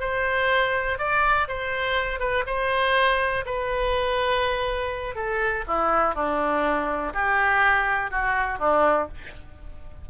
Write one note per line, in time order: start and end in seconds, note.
0.00 0.98 C5
0.98 1.48 D5
1.48 2.19 C5
2.19 2.44 B4
2.46 3.44 C5
3.46 5.15 B4
5.15 5.64 A4
5.67 6.15 E4
6.15 7.13 D4
7.13 8.11 G4
8.11 8.59 F#4
8.59 9.08 D4